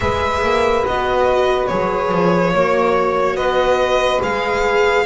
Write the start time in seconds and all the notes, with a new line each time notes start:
0.00 G#3 G#4 B4 E5
0.42 A#3
0.85 B3 F#4 D#5
1.67 F#3 G#4 C#5
2.11 F3
2.52 A#3 F#4 C#5
3.35 B3 B4 D#5
4.21 G#3 G#4 F5